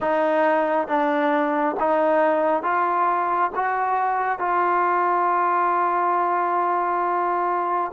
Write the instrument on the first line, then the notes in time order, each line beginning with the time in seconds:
trombone
0.00 D#4
0.87 D4
1.79 D#4
2.62 F4
3.55 F#4
4.38 F4